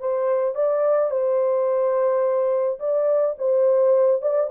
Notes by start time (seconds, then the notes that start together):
0.00 C5
0.55 D5
1.11 C5
2.79 D5
3.38 C5
4.22 D5